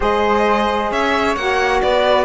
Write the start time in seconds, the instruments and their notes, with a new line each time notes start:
0.00 cello G#3, saxophone G#4, flute C5, violin D#5
0.90 cello C#4, flute C#5, violin E5
1.35 cello A#3, saxophone F#4, violin F#5
1.81 cello B3, flute B4, violin D5